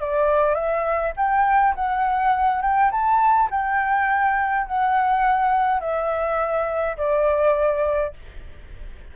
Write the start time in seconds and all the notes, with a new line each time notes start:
0.00 D5
0.55 E5
1.17 G5
1.75 F#5
2.62 G5
2.91 A5
3.51 G5
4.67 F#5
5.80 E5
6.97 D5